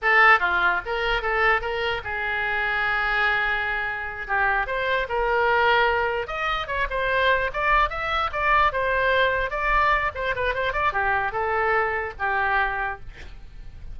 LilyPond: \new Staff \with { instrumentName = "oboe" } { \time 4/4 \tempo 4 = 148 a'4 f'4 ais'4 a'4 | ais'4 gis'2.~ | gis'2~ gis'8 g'4 c''8~ | c''8 ais'2. dis''8~ |
dis''8 cis''8 c''4. d''4 e''8~ | e''8 d''4 c''2 d''8~ | d''4 c''8 b'8 c''8 d''8 g'4 | a'2 g'2 | }